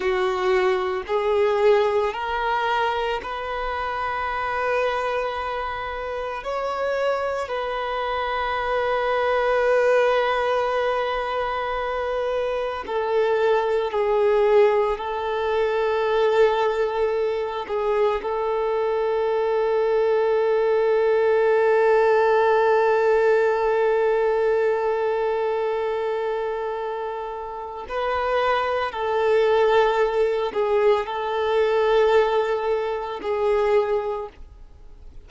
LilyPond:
\new Staff \with { instrumentName = "violin" } { \time 4/4 \tempo 4 = 56 fis'4 gis'4 ais'4 b'4~ | b'2 cis''4 b'4~ | b'1 | a'4 gis'4 a'2~ |
a'8 gis'8 a'2.~ | a'1~ | a'2 b'4 a'4~ | a'8 gis'8 a'2 gis'4 | }